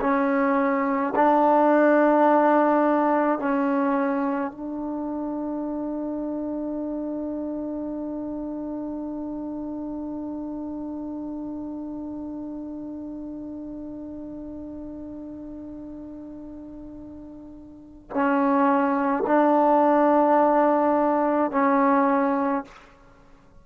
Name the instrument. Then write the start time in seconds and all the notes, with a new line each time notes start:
trombone
0.00 C#4
1.15 D4
3.39 C#4
4.51 D4
18.10 C#4
19.26 D4
21.51 C#4